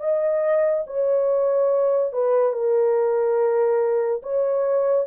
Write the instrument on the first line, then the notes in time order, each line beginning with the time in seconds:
horn
0.00 D#5
0.87 C#5
2.13 B4
2.53 A#4
4.23 C#5